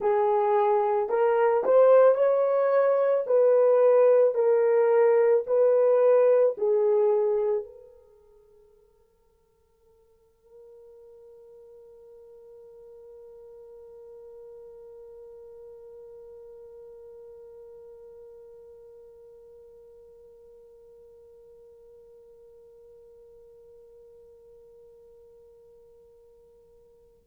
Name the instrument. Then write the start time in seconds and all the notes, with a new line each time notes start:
horn
0.00 G#4
1.09 A#4
1.64 C5
2.15 C#5
3.26 B4
4.34 A#4
5.46 B4
6.57 G#4
7.64 A#4